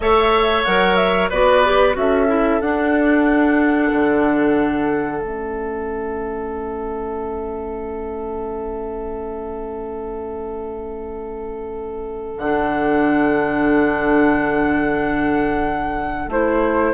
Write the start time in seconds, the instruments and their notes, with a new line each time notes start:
0.00 bassoon A3, clarinet A4, oboe C#5, flute E5
0.64 bassoon F#3, clarinet A#4, flute F#5
0.96 flute E5
1.29 bassoon B3, clarinet F#4, oboe B4, flute D5
1.65 clarinet G4
1.93 bassoon C#4, clarinet F#4, flute E5
1.99 oboe A4
2.27 clarinet E4
2.60 bassoon D4, clarinet D4, flute F#5
3.91 bassoon D3
5.21 bassoon A3, clarinet C#4, flute E5
12.37 bassoon D3, clarinet D4, flute F#5
16.27 bassoon A3, clarinet E4, flute C5